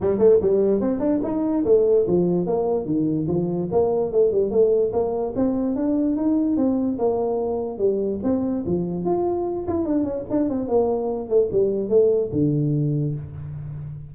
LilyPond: \new Staff \with { instrumentName = "tuba" } { \time 4/4 \tempo 4 = 146 g8 a8 g4 c'8 d'8 dis'4 | a4 f4 ais4 dis4 | f4 ais4 a8 g8 a4 | ais4 c'4 d'4 dis'4 |
c'4 ais2 g4 | c'4 f4 f'4. e'8 | d'8 cis'8 d'8 c'8 ais4. a8 | g4 a4 d2 | }